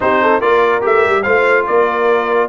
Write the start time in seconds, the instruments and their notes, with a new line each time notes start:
0.00 tuba C4, trombone D#4, horn G4, trumpet C5
0.22 horn A4
0.39 tuba A#3, trombone F4, horn A#4, trumpet D5
0.81 tuba A3, trombone G4, trumpet E5
1.05 tuba G3
1.22 tuba A3, trombone F4, horn C5, trumpet F5
1.66 tuba A#3, horn A#4, trumpet D5